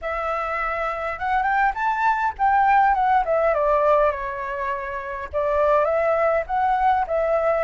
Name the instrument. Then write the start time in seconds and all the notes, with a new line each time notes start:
flute
0.01 E5
1.18 F#5
1.43 G5
1.74 A5
2.38 G5
2.94 F#5
3.25 E5
3.53 D5
4.11 C#5
5.33 D5
5.84 E5
6.47 F#5
7.07 E5